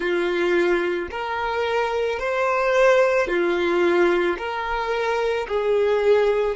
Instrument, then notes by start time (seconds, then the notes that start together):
violin
0.00 F4
1.10 A#4
2.19 C5
3.27 F4
4.37 A#4
5.47 G#4